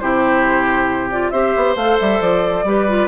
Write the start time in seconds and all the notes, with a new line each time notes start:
0.00 C3 E4 G4 C5
1.11 F4 D5
1.31 C4 G4 C5 E5
1.57 B3
1.76 A3 A4 F5
2.00 G3 E5
2.21 F3 D5
2.64 G3 G4 B4
2.89 F4